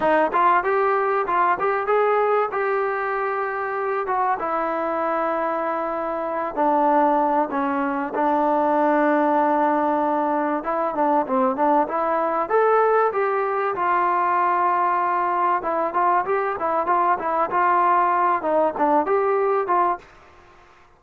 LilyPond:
\new Staff \with { instrumentName = "trombone" } { \time 4/4 \tempo 4 = 96 dis'8 f'8 g'4 f'8 g'8 gis'4 | g'2~ g'8 fis'8 e'4~ | e'2~ e'8 d'4. | cis'4 d'2.~ |
d'4 e'8 d'8 c'8 d'8 e'4 | a'4 g'4 f'2~ | f'4 e'8 f'8 g'8 e'8 f'8 e'8 | f'4. dis'8 d'8 g'4 f'8 | }